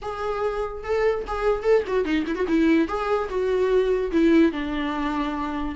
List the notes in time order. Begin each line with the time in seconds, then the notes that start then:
0.01 G#4
0.83 A4
1.27 G#4
1.62 A4
1.87 F#4
2.04 D#4
2.26 E4
2.35 F#4
2.47 E4
2.87 G#4
3.29 F#4
4.11 E4
4.52 D4